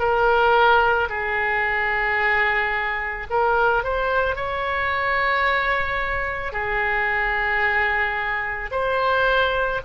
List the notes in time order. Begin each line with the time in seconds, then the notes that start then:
0.00 A#4
1.10 G#4
3.31 A#4
3.84 C5
4.36 C#5
6.53 G#4
8.72 C5